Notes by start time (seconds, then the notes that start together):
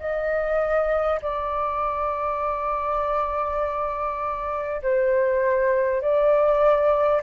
0.00 D#5
1.22 D5
4.83 C5
6.02 D5